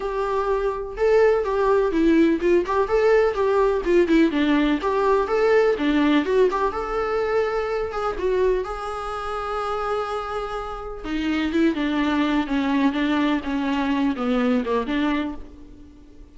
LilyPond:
\new Staff \with { instrumentName = "viola" } { \time 4/4 \tempo 4 = 125 g'2 a'4 g'4 | e'4 f'8 g'8 a'4 g'4 | f'8 e'8 d'4 g'4 a'4 | d'4 fis'8 g'8 a'2~ |
a'8 gis'8 fis'4 gis'2~ | gis'2. dis'4 | e'8 d'4. cis'4 d'4 | cis'4. b4 ais8 d'4 | }